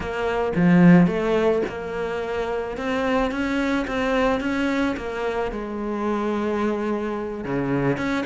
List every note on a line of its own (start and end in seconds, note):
0.00 0.53 A#3
0.55 1.07 F3
1.07 1.62 A3
1.68 2.77 A#3
2.77 3.31 C4
3.31 3.86 C#4
3.87 4.40 C4
4.40 4.95 C#4
4.96 5.51 A#3
5.51 7.44 G#3
7.44 7.97 C#3
7.97 8.24 C#4